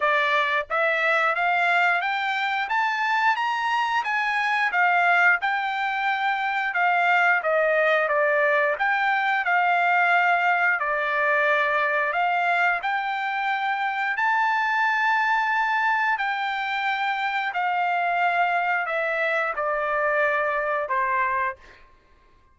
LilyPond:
\new Staff \with { instrumentName = "trumpet" } { \time 4/4 \tempo 4 = 89 d''4 e''4 f''4 g''4 | a''4 ais''4 gis''4 f''4 | g''2 f''4 dis''4 | d''4 g''4 f''2 |
d''2 f''4 g''4~ | g''4 a''2. | g''2 f''2 | e''4 d''2 c''4 | }